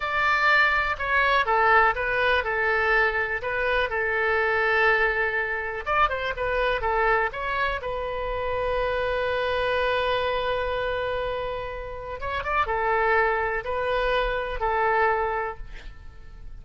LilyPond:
\new Staff \with { instrumentName = "oboe" } { \time 4/4 \tempo 4 = 123 d''2 cis''4 a'4 | b'4 a'2 b'4 | a'1 | d''8 c''8 b'4 a'4 cis''4 |
b'1~ | b'1~ | b'4 cis''8 d''8 a'2 | b'2 a'2 | }